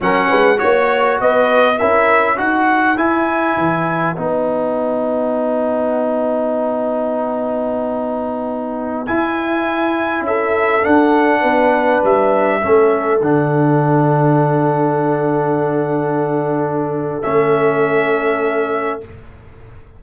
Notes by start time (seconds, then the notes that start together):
0.00 F#3 C#4 A#4 F#5
0.29 G#3 B4
0.56 F#4 C#5
0.63 A#3
1.20 B3 B4 D#5
1.78 C#4 E4 A#4 E5
2.36 D#4 F#4 B4 F#5
2.96 E4 G#5
3.56 E3
4.16 B3 D#4 F#5
9.06 E4 G#5
10.21 C#4 A4 E5
10.82 D4 F#5
11.41 B3 B4
12.03 G3 E5
12.61 A3 C#4 A4
13.21 D3 D4 F#5
17.22 A3 C#4 E5